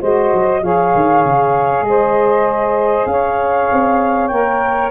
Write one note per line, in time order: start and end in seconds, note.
0.00 0.32 G#3
0.00 0.62 F#4
0.00 0.61 C5
0.00 0.63 D#5
0.33 0.62 F#3
0.62 0.92 F3
0.62 4.30 G#4
0.62 1.85 C#5
0.62 1.85 F5
0.94 1.24 D#3
1.24 1.81 C#3
1.81 3.04 G#3
1.81 3.06 D#5
1.88 3.10 C5
3.05 3.67 C#4
3.05 4.90 C#5
3.05 4.27 F5
3.72 4.30 C4
4.27 4.90 A#3
4.27 4.90 A#4
4.27 4.88 G5